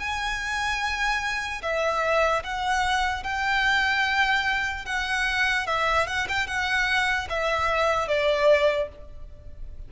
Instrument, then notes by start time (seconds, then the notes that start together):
violin
0.00 G#5
1.63 E5
2.44 F#5
3.24 G5
4.86 F#5
5.67 E5
6.07 F#5
6.29 G5
6.47 F#5
7.30 E5
8.08 D5